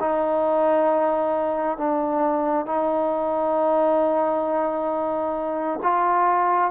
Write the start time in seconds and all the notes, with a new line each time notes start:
0.00 D#4
1.78 D4
2.66 D#4
5.83 F4